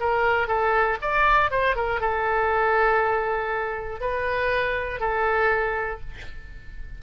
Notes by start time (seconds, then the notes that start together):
0.00 A#4
0.48 A4
1.01 D5
1.51 C5
1.75 A#4
2.00 A4
4.00 B4
5.00 A4